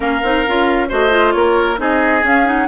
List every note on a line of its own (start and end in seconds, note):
0.00 0.21 A#3
0.00 0.22 C#4
0.00 0.88 A#4
0.00 0.90 F5
0.23 0.45 C4
0.23 0.46 D#4
0.47 0.91 C#4
0.47 0.89 F4
0.88 1.34 A3
0.88 1.10 F#4
0.88 1.33 C5
0.88 1.32 D#5
1.10 1.77 F4
1.32 1.78 A#3
1.32 1.80 A#4
1.32 1.76 C#5
1.77 2.23 C4
1.77 2.21 D#4
1.77 2.68 G#4
1.77 2.25 D#5
2.23 2.68 C#4
2.23 2.45 C#4
2.23 2.47 F5
2.45 2.67 D#4
2.45 2.68 F#5